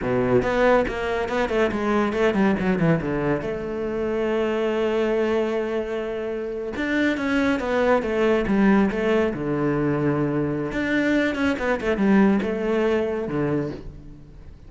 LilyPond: \new Staff \with { instrumentName = "cello" } { \time 4/4 \tempo 4 = 140 b,4 b4 ais4 b8 a8 | gis4 a8 g8 fis8 e8 d4 | a1~ | a2.~ a8. d'16~ |
d'8. cis'4 b4 a4 g16~ | g8. a4 d2~ d16~ | d4 d'4. cis'8 b8 a8 | g4 a2 d4 | }